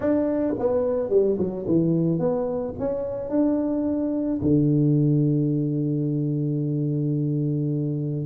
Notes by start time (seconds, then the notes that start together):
0.00 D4
0.58 B3
1.09 G3
1.38 F#3
1.67 E3
2.19 B3
2.79 C#4
3.29 D4
4.41 D3